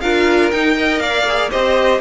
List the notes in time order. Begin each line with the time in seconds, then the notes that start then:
0.00 D4 F4 A#4 F5
0.51 D#4 G5
0.76 A#4 D#5
0.99 A#3 D5 F5
1.28 G#4
1.51 C4 G4 C5 D#5